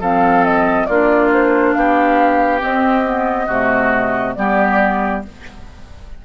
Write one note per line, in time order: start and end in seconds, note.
0.00 0.87 F3
0.00 0.89 C4
0.00 0.87 A4
0.00 0.45 F5
0.45 0.86 D#5
0.86 1.75 A#3
0.86 2.60 D4
0.86 1.75 F4
0.86 1.29 D5
1.33 1.74 C5
1.74 2.62 B3
1.74 3.47 G4
1.74 2.61 F5
2.60 3.03 C4
2.60 3.48 C4
2.60 4.35 D#5
3.04 3.48 B3
3.47 4.35 C3
3.47 4.36 A3
3.47 4.34 F#4
4.35 5.24 G3
4.35 5.23 B3
4.35 5.25 G4
4.35 5.22 D5